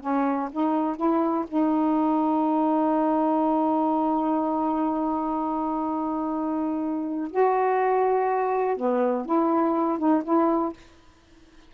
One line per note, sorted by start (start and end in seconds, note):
0.00 0.49 C#4
0.51 0.96 D#4
0.96 1.45 E4
1.47 7.31 D#4
7.31 8.76 F#4
8.76 9.25 B3
9.25 9.98 E4
9.98 10.22 D#4
10.24 10.72 E4